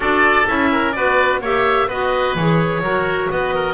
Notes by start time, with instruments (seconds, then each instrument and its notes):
0.00 double bass D4, clarinet F#4, oboe A4 D5
0.47 double bass C#4, clarinet E4, oboe E5
0.71 oboe A#4
0.91 double bass B3, clarinet F#4, oboe B4 D5
1.41 double bass A#3, clarinet G4, oboe C#5 E5
1.87 double bass B3, clarinet F#4, oboe B4 D#5
2.35 double bass E3, clarinet G#4, oboe C#5
2.80 double bass F#3, clarinet F#4, oboe A#4
3.30 double bass B3, oboe B4 D#5
3.54 oboe A#4